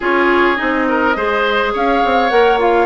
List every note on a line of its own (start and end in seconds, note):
0.00 0.58 C#4
0.00 0.56 F4
0.00 0.86 G#4
0.00 0.56 C#5
0.56 1.16 C4
0.56 1.14 D#4
0.56 1.72 D#5
0.88 1.16 A#4
1.16 1.73 G#3
1.16 2.30 G#4
1.16 1.73 C5
1.73 2.03 C#4
1.73 2.86 C#5
1.73 2.29 F5
2.04 2.31 C4
2.29 2.86 A#3
2.29 2.59 A#4
2.29 2.58 F#5
2.59 2.86 F4
2.59 2.86 F5